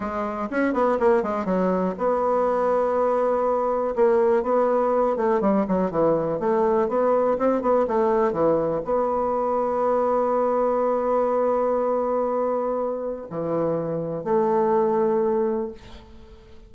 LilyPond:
\new Staff \with { instrumentName = "bassoon" } { \time 4/4 \tempo 4 = 122 gis4 cis'8 b8 ais8 gis8 fis4 | b1 | ais4 b4. a8 g8 fis8 | e4 a4 b4 c'8 b8 |
a4 e4 b2~ | b1~ | b2. e4~ | e4 a2. | }